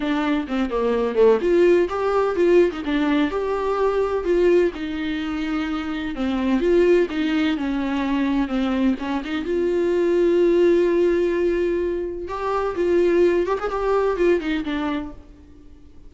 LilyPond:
\new Staff \with { instrumentName = "viola" } { \time 4/4 \tempo 4 = 127 d'4 c'8 ais4 a8 f'4 | g'4 f'8. dis'16 d'4 g'4~ | g'4 f'4 dis'2~ | dis'4 c'4 f'4 dis'4 |
cis'2 c'4 cis'8 dis'8 | f'1~ | f'2 g'4 f'4~ | f'8 g'16 gis'16 g'4 f'8 dis'8 d'4 | }